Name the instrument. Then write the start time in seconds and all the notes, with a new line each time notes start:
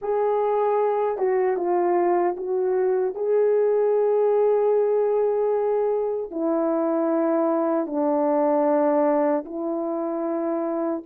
horn
0.01 G#4
1.18 F#4
1.56 F4
2.36 F#4
3.14 G#4
6.31 E4
7.86 D4
9.45 E4